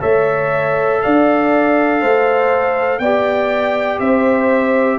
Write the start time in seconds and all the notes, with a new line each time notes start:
0.00 A3 A4 C#5 E5
1.01 D4 D5 F5
2.01 A3 C5
2.99 B3 G4 D5 G5
3.99 C4 C5 E5